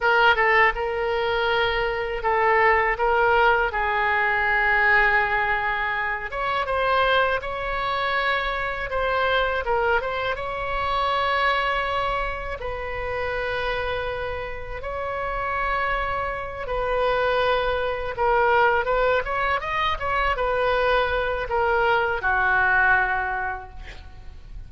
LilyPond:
\new Staff \with { instrumentName = "oboe" } { \time 4/4 \tempo 4 = 81 ais'8 a'8 ais'2 a'4 | ais'4 gis'2.~ | gis'8 cis''8 c''4 cis''2 | c''4 ais'8 c''8 cis''2~ |
cis''4 b'2. | cis''2~ cis''8 b'4.~ | b'8 ais'4 b'8 cis''8 dis''8 cis''8 b'8~ | b'4 ais'4 fis'2 | }